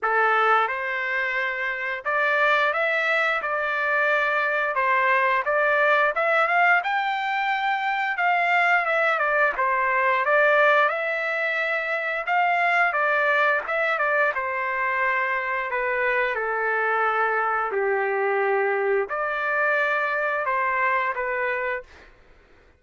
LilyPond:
\new Staff \with { instrumentName = "trumpet" } { \time 4/4 \tempo 4 = 88 a'4 c''2 d''4 | e''4 d''2 c''4 | d''4 e''8 f''8 g''2 | f''4 e''8 d''8 c''4 d''4 |
e''2 f''4 d''4 | e''8 d''8 c''2 b'4 | a'2 g'2 | d''2 c''4 b'4 | }